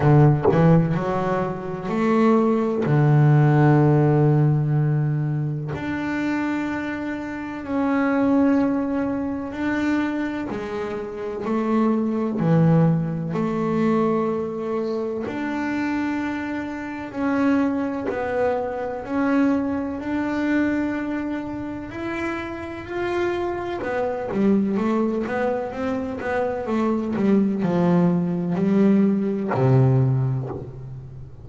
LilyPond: \new Staff \with { instrumentName = "double bass" } { \time 4/4 \tempo 4 = 63 d8 e8 fis4 a4 d4~ | d2 d'2 | cis'2 d'4 gis4 | a4 e4 a2 |
d'2 cis'4 b4 | cis'4 d'2 e'4 | f'4 b8 g8 a8 b8 c'8 b8 | a8 g8 f4 g4 c4 | }